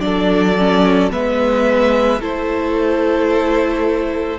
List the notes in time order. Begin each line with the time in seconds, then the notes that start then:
0.00 F#3 D4 A4 D5
0.59 C#4
1.11 G#3 B3 B4 E5
2.20 A3 E4 A4 C5